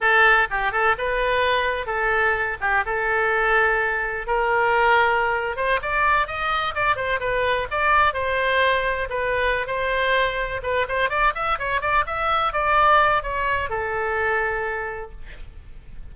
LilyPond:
\new Staff \with { instrumentName = "oboe" } { \time 4/4 \tempo 4 = 127 a'4 g'8 a'8 b'2 | a'4. g'8 a'2~ | a'4 ais'2~ ais'8. c''16~ | c''16 d''4 dis''4 d''8 c''8 b'8.~ |
b'16 d''4 c''2 b'8.~ | b'8 c''2 b'8 c''8 d''8 | e''8 cis''8 d''8 e''4 d''4. | cis''4 a'2. | }